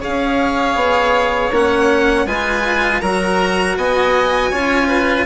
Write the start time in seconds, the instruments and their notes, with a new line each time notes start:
0.00 cello G#4, oboe C#5, violin F5
0.07 bassoon C#4
0.75 bassoon B3
1.52 bassoon A#3, cello C#4, violin F#5
2.26 bassoon G#3, cello F4, oboe B4, violin G#5
3.01 bassoon F#3, cello F#4, oboe A#4, violin A#5
3.77 bassoon B3, oboe D#5, violin G#5
4.50 bassoon C#4, cello F4, oboe C#5
4.88 oboe B4